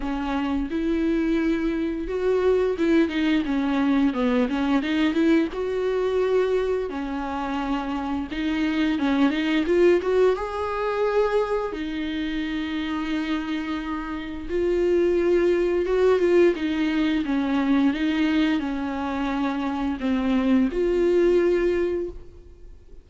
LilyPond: \new Staff \with { instrumentName = "viola" } { \time 4/4 \tempo 4 = 87 cis'4 e'2 fis'4 | e'8 dis'8 cis'4 b8 cis'8 dis'8 e'8 | fis'2 cis'2 | dis'4 cis'8 dis'8 f'8 fis'8 gis'4~ |
gis'4 dis'2.~ | dis'4 f'2 fis'8 f'8 | dis'4 cis'4 dis'4 cis'4~ | cis'4 c'4 f'2 | }